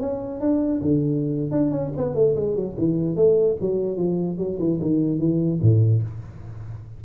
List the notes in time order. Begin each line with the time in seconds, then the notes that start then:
0.00 C#4
0.40 D4
0.82 D3
1.51 D4
1.71 C#4
1.96 B3
2.15 A3
2.35 G#3
2.56 F#3
2.78 E3
3.16 A3
3.61 F#3
3.97 F3
4.37 F#3
4.59 E3
4.81 D#3
5.19 E3
5.61 A2